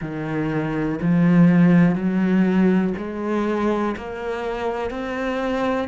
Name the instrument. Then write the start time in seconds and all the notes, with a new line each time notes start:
cello
0.00 D#3
1.01 F3
1.95 F#3
2.97 G#3
3.96 A#3
4.90 C4